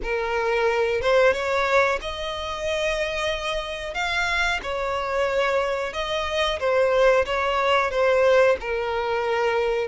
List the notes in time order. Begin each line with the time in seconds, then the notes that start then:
0.02 A#4
1.01 C5
1.33 C#5
2.01 D#5
3.94 F5
4.62 C#5
5.93 D#5
6.59 C5
7.25 C#5
7.90 C5
8.60 A#4